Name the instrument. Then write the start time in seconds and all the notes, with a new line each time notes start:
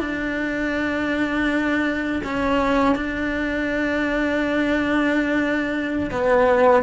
cello
0.00 D4
2.24 C#4
2.96 D4
6.11 B3